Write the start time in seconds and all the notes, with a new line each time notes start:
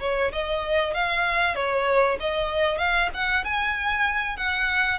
0.00 C#5
0.32 D#5
0.94 F5
1.55 C#5
2.20 D#5
2.78 F5
3.14 F#5
3.44 G#5
4.37 F#5